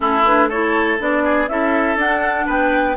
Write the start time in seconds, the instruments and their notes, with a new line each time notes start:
0.00 bassoon A3, clarinet C#4, oboe E4, flute A4
0.24 clarinet D4, flute B4
0.48 clarinet E4, oboe A4, flute C#5
0.98 bassoon B3, clarinet D4, flute D5
1.24 oboe G#4
1.48 bassoon C#4, clarinet E4, oboe A4, flute E5
1.96 bassoon D4, clarinet D4, flute F#5
2.46 bassoon B3, oboe B4, flute G5